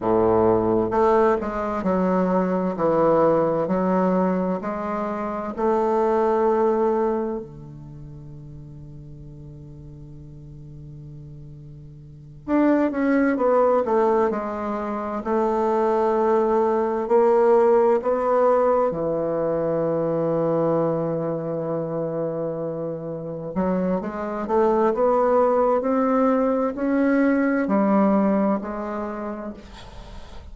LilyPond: \new Staff \with { instrumentName = "bassoon" } { \time 4/4 \tempo 4 = 65 a,4 a8 gis8 fis4 e4 | fis4 gis4 a2 | d1~ | d4. d'8 cis'8 b8 a8 gis8~ |
gis8 a2 ais4 b8~ | b8 e2.~ e8~ | e4. fis8 gis8 a8 b4 | c'4 cis'4 g4 gis4 | }